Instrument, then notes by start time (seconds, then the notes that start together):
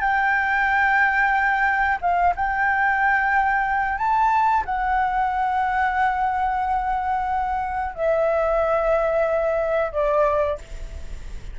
flute
0.00 G5
2.01 F5
2.36 G5
3.98 A5
4.65 F#5
7.94 E5
9.92 D5